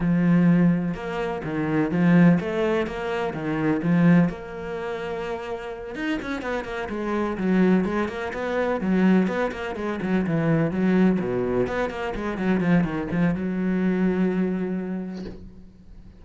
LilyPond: \new Staff \with { instrumentName = "cello" } { \time 4/4 \tempo 4 = 126 f2 ais4 dis4 | f4 a4 ais4 dis4 | f4 ais2.~ | ais8 dis'8 cis'8 b8 ais8 gis4 fis8~ |
fis8 gis8 ais8 b4 fis4 b8 | ais8 gis8 fis8 e4 fis4 b,8~ | b,8 b8 ais8 gis8 fis8 f8 dis8 f8 | fis1 | }